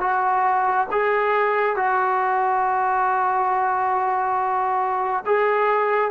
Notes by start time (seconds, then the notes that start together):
0.00 F#4
0.91 G#4
1.76 F#4
5.26 G#4